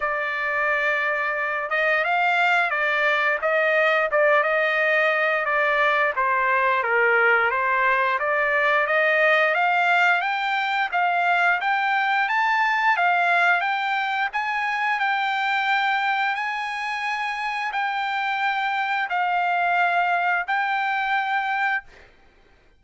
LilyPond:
\new Staff \with { instrumentName = "trumpet" } { \time 4/4 \tempo 4 = 88 d''2~ d''8 dis''8 f''4 | d''4 dis''4 d''8 dis''4. | d''4 c''4 ais'4 c''4 | d''4 dis''4 f''4 g''4 |
f''4 g''4 a''4 f''4 | g''4 gis''4 g''2 | gis''2 g''2 | f''2 g''2 | }